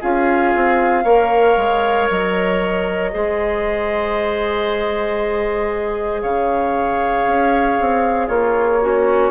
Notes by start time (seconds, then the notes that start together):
0.00 C#4 F4 G#4 F5
0.54 C4
1.03 A#3 A#4 C#5
1.56 G#3
2.10 F#3 D#5
3.11 G#3 G#4 C5
6.21 C#3 C#5 F5
7.26 C#4
7.80 C4
8.27 A#3 F4 C#5
8.81 C#4 F#4